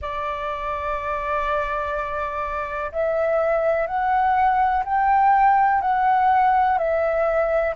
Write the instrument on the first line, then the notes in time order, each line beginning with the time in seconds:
flute
0.01 D5
2.92 E5
3.86 F#5
4.84 G5
5.81 F#5
6.77 E5